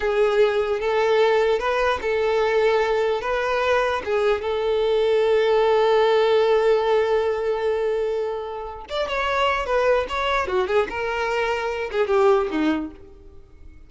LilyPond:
\new Staff \with { instrumentName = "violin" } { \time 4/4 \tempo 4 = 149 gis'2 a'2 | b'4 a'2. | b'2 gis'4 a'4~ | a'1~ |
a'1~ | a'2 d''8 cis''4. | b'4 cis''4 fis'8 gis'8 ais'4~ | ais'4. gis'8 g'4 dis'4 | }